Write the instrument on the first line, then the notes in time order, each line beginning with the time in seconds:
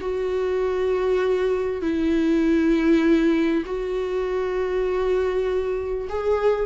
viola
0.00 F#4
1.82 E4
3.65 F#4
6.09 G#4